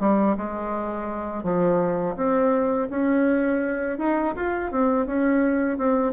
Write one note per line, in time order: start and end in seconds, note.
0.00 0.36 G3
0.37 1.43 G#3
1.43 2.16 F3
2.16 2.88 C4
2.89 3.98 C#4
3.98 4.34 D#4
4.36 4.71 F4
4.71 5.06 C4
5.06 5.78 C#4
5.78 6.13 C4